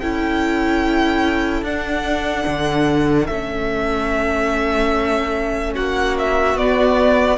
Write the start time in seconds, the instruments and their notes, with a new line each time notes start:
0.00 cello C#4, viola E4, violin A4 G5
1.62 cello D4, viola D4, violin F#5
2.47 cello D3
3.27 cello A3, viola C#4, violin E5
5.75 cello A#3, violin F#4 F#5
6.19 violin E5
6.55 cello B3, viola B3, violin D5